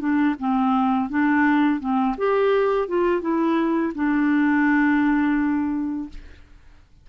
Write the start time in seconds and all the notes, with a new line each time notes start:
0.00 D4
0.40 C4
1.10 D4
1.80 C4
2.18 G4
2.88 F4
3.21 E4
3.95 D4